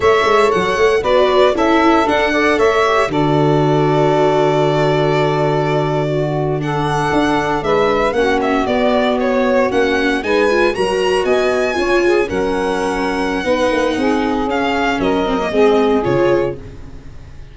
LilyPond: <<
  \new Staff \with { instrumentName = "violin" } { \time 4/4 \tempo 4 = 116 e''4 fis''4 d''4 e''4 | fis''4 e''4 d''2~ | d''1~ | d''8. fis''2 e''4 fis''16~ |
fis''16 e''8 d''4 cis''4 fis''4 gis''16~ | gis''8. ais''4 gis''2 fis''16~ | fis''1 | f''4 dis''2 cis''4 | }
  \new Staff \with { instrumentName = "saxophone" } { \time 4/4 cis''2 b'4 a'4~ | a'8 d''8 cis''4 a'2~ | a'2.~ a'8. fis'16~ | fis'8. a'2 b'4 fis'16~ |
fis'2.~ fis'8. b'16~ | b'8. ais'4 dis''4 cis''8 gis'8 ais'16~ | ais'2 b'4 gis'4~ | gis'4 ais'4 gis'2 | }
  \new Staff \with { instrumentName = "viola" } { \time 4/4 a'2 fis'4 e'4 | d'8 a'4 g'8 fis'2~ | fis'1~ | fis'8. d'2. cis'16~ |
cis'8. b2 cis'4 dis'16~ | dis'16 f'8 fis'2 f'4 cis'16~ | cis'2 dis'2 | cis'4. c'16 ais16 c'4 f'4 | }
  \new Staff \with { instrumentName = "tuba" } { \time 4/4 a8 gis8 fis8 a8 b4 cis'4 | d'4 a4 d2~ | d1~ | d4.~ d16 d'4 gis4 ais16~ |
ais8. b2 ais4 gis16~ | gis8. fis4 b4 cis'4 fis16~ | fis2 b8 ais8 c'4 | cis'4 fis4 gis4 cis4 | }
>>